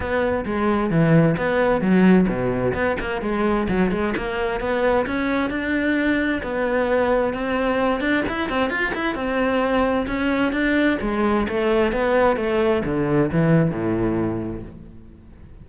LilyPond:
\new Staff \with { instrumentName = "cello" } { \time 4/4 \tempo 4 = 131 b4 gis4 e4 b4 | fis4 b,4 b8 ais8 gis4 | fis8 gis8 ais4 b4 cis'4 | d'2 b2 |
c'4. d'8 e'8 c'8 f'8 e'8 | c'2 cis'4 d'4 | gis4 a4 b4 a4 | d4 e4 a,2 | }